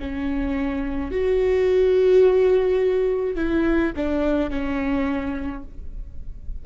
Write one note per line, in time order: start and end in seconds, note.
0.00 1.12 C#4
1.12 3.36 F#4
3.36 3.93 E4
3.97 4.51 D4
4.51 5.64 C#4